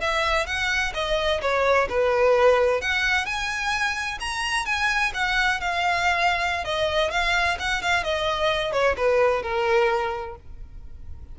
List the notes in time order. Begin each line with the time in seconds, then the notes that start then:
0.00 E5
0.46 F#5
0.94 D#5
1.41 C#5
1.89 B4
2.81 F#5
3.25 G#5
4.20 A#5
4.65 G#5
5.14 F#5
5.60 F5
6.64 D#5
7.11 F5
7.59 F#5
7.82 F5
8.03 D#5
8.72 C#5
8.96 B4
9.42 A#4